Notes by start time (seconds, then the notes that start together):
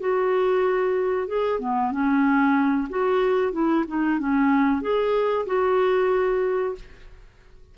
0.00 F#4
1.27 G#4
1.60 B3
1.91 C#4
2.89 F#4
3.52 E4
3.87 D#4
4.19 C#4
4.81 G#4
5.46 F#4